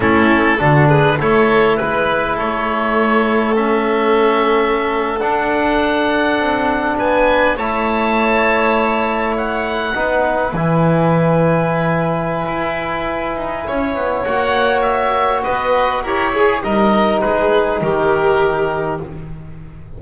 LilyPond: <<
  \new Staff \with { instrumentName = "oboe" } { \time 4/4 \tempo 4 = 101 a'4. b'8 cis''4 b'4 | cis''2 e''2~ | e''8. fis''2. gis''16~ | gis''8. a''2. fis''16~ |
fis''4.~ fis''16 gis''2~ gis''16~ | gis''1 | fis''4 e''4 dis''4 cis''4 | dis''4 b'4 ais'2 | }
  \new Staff \with { instrumentName = "violin" } { \time 4/4 e'4 fis'8 gis'8 a'4 b'4 | a'1~ | a'2.~ a'8. b'16~ | b'8. cis''2.~ cis''16~ |
cis''8. b'2.~ b'16~ | b'2. cis''4~ | cis''2 b'4 ais'8 gis'8 | ais'4 gis'4 g'2 | }
  \new Staff \with { instrumentName = "trombone" } { \time 4/4 cis'4 d'4 e'2~ | e'2 cis'2~ | cis'8. d'2.~ d'16~ | d'8. e'2.~ e'16~ |
e'8. dis'4 e'2~ e'16~ | e'1 | fis'2. g'8 gis'8 | dis'1 | }
  \new Staff \with { instrumentName = "double bass" } { \time 4/4 a4 d4 a4 gis4 | a1~ | a8. d'2 c'4 b16~ | b8. a2.~ a16~ |
a8. b4 e2~ e16~ | e4 e'4. dis'8 cis'8 b8 | ais2 b4 e'4 | g4 gis4 dis2 | }
>>